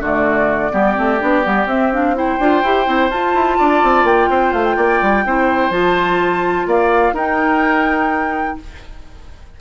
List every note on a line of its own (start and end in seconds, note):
0.00 0.71 D3
0.00 0.71 A3
0.00 0.72 F#4
0.00 1.68 D5
0.71 0.98 G3
0.71 0.95 B3
0.71 2.16 G4
0.95 1.22 A3
0.95 1.19 C4
1.20 1.46 B3
1.20 1.43 D4
1.43 1.66 G3
1.43 1.67 B3
1.66 2.37 C4
1.66 1.93 C4
1.66 1.92 E5
1.93 2.15 D4
1.93 2.17 F5
2.15 2.39 E4
2.15 3.58 C5
2.15 3.11 G5
2.40 2.64 D4
2.40 2.64 F4
2.64 2.88 E4
2.64 2.86 G4
2.86 3.10 C4
2.86 3.10 E4
3.10 3.34 F4
3.10 5.26 F4
3.10 4.06 A5
3.34 3.58 E4
3.58 3.84 D4
3.58 4.30 D5
3.84 4.04 C4
4.04 4.28 A#3
4.04 4.54 G5
4.30 4.53 C4
4.30 4.77 C5
4.53 4.77 A3
4.53 4.65 F5
4.65 5.72 G5
4.77 5.01 A#3
4.77 5.24 D5
5.02 5.25 G3
5.25 5.70 C4
5.25 5.72 E4
5.25 6.68 C5
5.70 6.65 F3
5.70 7.15 F4
5.70 6.67 A5
6.67 7.13 A#3
6.67 7.14 D5
6.67 7.16 F5
7.13 8.56 D#4
7.13 8.61 D#4
7.13 8.57 A#4
7.13 8.60 G5